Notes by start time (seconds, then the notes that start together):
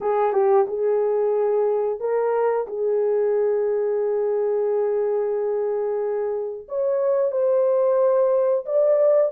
0.01 G#4
0.32 G4
0.67 G#4
1.99 A#4
2.67 G#4
6.68 C#5
7.32 C5
8.65 D5